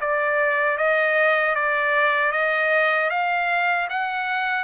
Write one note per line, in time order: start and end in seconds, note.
0.00 0.77 D5
0.77 1.55 D#5
1.55 2.32 D5
2.32 3.10 D#5
3.10 3.87 F5
3.89 4.64 F#5